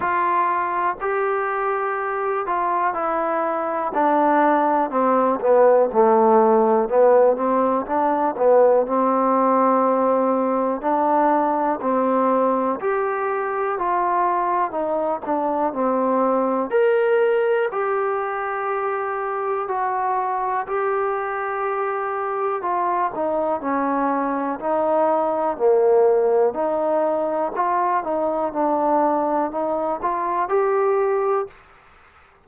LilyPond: \new Staff \with { instrumentName = "trombone" } { \time 4/4 \tempo 4 = 61 f'4 g'4. f'8 e'4 | d'4 c'8 b8 a4 b8 c'8 | d'8 b8 c'2 d'4 | c'4 g'4 f'4 dis'8 d'8 |
c'4 ais'4 g'2 | fis'4 g'2 f'8 dis'8 | cis'4 dis'4 ais4 dis'4 | f'8 dis'8 d'4 dis'8 f'8 g'4 | }